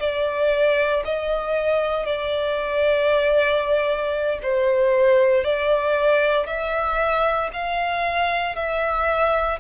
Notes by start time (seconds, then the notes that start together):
0.00 D5
1.05 D#5
2.06 D5
4.43 C5
5.44 D5
6.47 E5
7.53 F5
8.56 E5